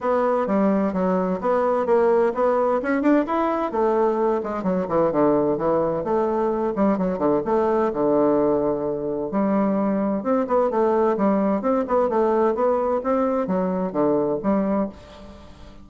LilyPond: \new Staff \with { instrumentName = "bassoon" } { \time 4/4 \tempo 4 = 129 b4 g4 fis4 b4 | ais4 b4 cis'8 d'8 e'4 | a4. gis8 fis8 e8 d4 | e4 a4. g8 fis8 d8 |
a4 d2. | g2 c'8 b8 a4 | g4 c'8 b8 a4 b4 | c'4 fis4 d4 g4 | }